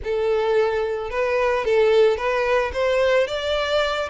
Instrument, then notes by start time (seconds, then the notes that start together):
violin
0.04 A4
1.10 B4
1.65 A4
2.17 B4
2.73 C5
3.27 D5